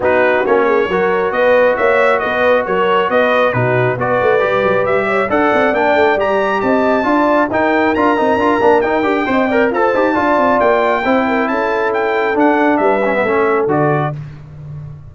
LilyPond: <<
  \new Staff \with { instrumentName = "trumpet" } { \time 4/4 \tempo 4 = 136 b'4 cis''2 dis''4 | e''4 dis''4 cis''4 dis''4 | b'4 d''2 e''4 | fis''4 g''4 ais''4 a''4~ |
a''4 g''4 ais''2 | g''2 a''2 | g''2 a''4 g''4 | fis''4 e''2 d''4 | }
  \new Staff \with { instrumentName = "horn" } { \time 4/4 fis'4. gis'8 ais'4 b'4 | cis''4 b'4 ais'4 b'4 | fis'4 b'2~ b'8 cis''8 | d''2. dis''4 |
d''4 ais'2.~ | ais'4 dis''8 d''8 c''4 d''4~ | d''4 c''8 ais'8 a'2~ | a'4 b'4 a'2 | }
  \new Staff \with { instrumentName = "trombone" } { \time 4/4 dis'4 cis'4 fis'2~ | fis'1 | dis'4 fis'4 g'2 | a'4 d'4 g'2 |
f'4 dis'4 f'8 dis'8 f'8 d'8 | dis'8 g'8 c''8 ais'8 a'8 g'8 f'4~ | f'4 e'2. | d'4. cis'16 b16 cis'4 fis'4 | }
  \new Staff \with { instrumentName = "tuba" } { \time 4/4 b4 ais4 fis4 b4 | ais4 b4 fis4 b4 | b,4 b8 a8 g8 fis8 g4 | d'8 c'8 ais8 a8 g4 c'4 |
d'4 dis'4 d'8 c'8 d'8 ais8 | dis'8 d'8 c'4 f'8 dis'8 d'8 c'8 | ais4 c'4 cis'2 | d'4 g4 a4 d4 | }
>>